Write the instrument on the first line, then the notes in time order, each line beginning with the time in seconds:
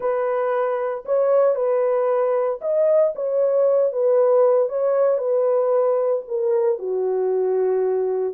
horn
0.00 B4
1.05 C#5
1.55 B4
2.61 D#5
3.15 C#5
3.92 B4
4.68 C#5
5.18 B4
6.28 A#4
6.78 F#4